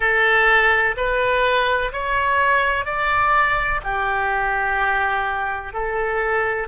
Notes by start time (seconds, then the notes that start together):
0.00 A4
0.96 B4
1.92 C#5
2.85 D5
3.84 G4
5.73 A4